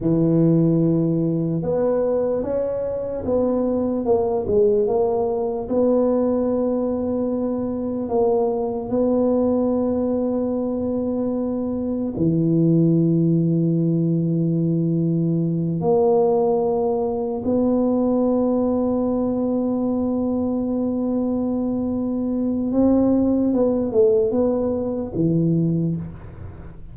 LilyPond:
\new Staff \with { instrumentName = "tuba" } { \time 4/4 \tempo 4 = 74 e2 b4 cis'4 | b4 ais8 gis8 ais4 b4~ | b2 ais4 b4~ | b2. e4~ |
e2.~ e8 ais8~ | ais4. b2~ b8~ | b1 | c'4 b8 a8 b4 e4 | }